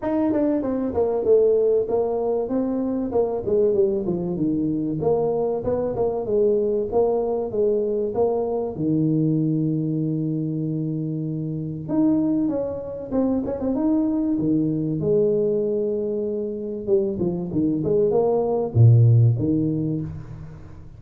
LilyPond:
\new Staff \with { instrumentName = "tuba" } { \time 4/4 \tempo 4 = 96 dis'8 d'8 c'8 ais8 a4 ais4 | c'4 ais8 gis8 g8 f8 dis4 | ais4 b8 ais8 gis4 ais4 | gis4 ais4 dis2~ |
dis2. dis'4 | cis'4 c'8 cis'16 c'16 dis'4 dis4 | gis2. g8 f8 | dis8 gis8 ais4 ais,4 dis4 | }